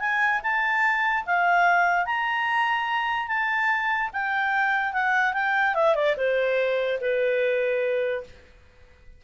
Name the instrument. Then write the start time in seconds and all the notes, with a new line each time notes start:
clarinet
0.00 G#5
0.43 A5
1.26 F5
2.06 A#5
3.28 A5
4.13 G5
4.93 F#5
5.33 G5
5.75 E5
5.95 D5
6.17 C5
7.01 B4